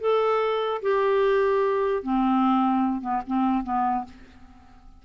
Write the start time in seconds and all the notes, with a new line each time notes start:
0.00 A4
0.82 G4
2.03 C4
3.01 B3
3.27 C4
3.63 B3